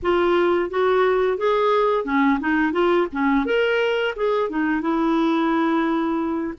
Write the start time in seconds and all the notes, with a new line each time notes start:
0.02 F4
0.70 F#4
1.37 G#4
2.04 C#4
2.39 D#4
2.72 F4
3.12 C#4
3.45 A#4
4.16 G#4
4.49 D#4
4.81 E4